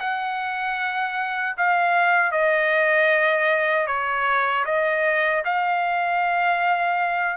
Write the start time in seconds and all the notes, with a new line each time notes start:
0.00 F#5
1.57 F5
2.32 D#5
3.87 C#5
4.65 D#5
5.44 F5